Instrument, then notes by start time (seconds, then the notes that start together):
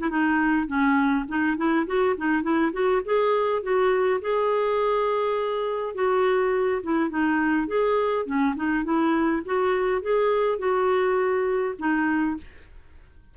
clarinet
0.00 E4
0.10 D#4
0.67 C#4
1.28 D#4
1.57 E4
1.87 F#4
2.17 D#4
2.43 E4
2.72 F#4
3.05 G#4
3.62 F#4
4.21 G#4
5.94 F#4
6.83 E4
7.10 D#4
7.68 G#4
8.26 C#4
8.56 D#4
8.84 E4
9.46 F#4
10.02 G#4
10.59 F#4
11.79 D#4